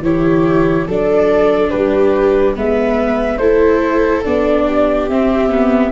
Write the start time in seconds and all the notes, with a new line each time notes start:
0.00 E3 E4 G4 C#5
0.88 F#3 D4 A4 D5
1.70 G3 G4 B4
2.55 G#3 B3 B4 E5
3.38 A3 E4 A4 C5
4.24 B3 D4 D5
4.66 G4
5.09 C4 E5
5.49 B3